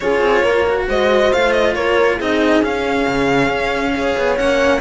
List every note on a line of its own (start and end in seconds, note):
0.00 0.20 C#4
0.00 0.67 F4
0.00 0.43 G#4
0.00 0.83 C#5
0.20 0.42 C4
0.43 0.87 A#3
0.43 0.86 A#4
0.67 1.33 F#4
0.88 1.32 G#3
0.88 1.75 C5
0.88 1.32 D#5
1.32 1.75 A3
1.32 2.20 F4
1.32 1.52 F5
1.52 1.74 D#5
1.74 2.19 A#3
1.74 2.16 A#4
1.74 2.18 C#5
2.16 2.61 C4
2.16 2.63 D#4
2.16 3.92 G#4
2.16 2.63 D#5
2.61 3.05 C#4
2.61 3.95 C#4
2.61 4.37 F5
3.07 3.49 C#3
3.49 4.14 C#4
3.92 4.36 G#4
3.92 4.80 C#5
4.17 4.38 B3
4.36 4.81 A#3
4.36 4.80 C#4
4.36 4.80 F#5